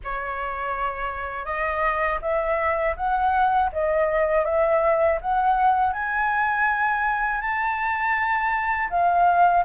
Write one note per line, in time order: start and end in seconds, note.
0.04 1.45 C#5
1.45 2.19 D#5
2.21 2.95 E5
2.96 3.70 F#5
3.72 4.44 D#5
4.44 5.19 E5
5.21 5.93 F#5
5.93 7.40 G#5
7.40 8.89 A5
8.90 9.64 F5